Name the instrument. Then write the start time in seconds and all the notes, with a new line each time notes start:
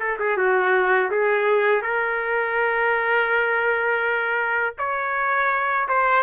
trumpet
0.00 A4
0.20 G#4
0.37 F#4
1.11 G#4
1.83 A#4
4.79 C#5
5.89 C5